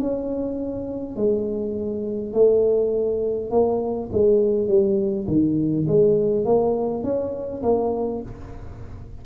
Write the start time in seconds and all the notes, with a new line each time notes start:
0.00 C#4
1.17 G#3
2.34 A3
3.51 A#3
4.12 G#3
4.68 G3
5.28 D#3
5.88 G#3
6.45 A#3
7.04 C#4
7.63 A#3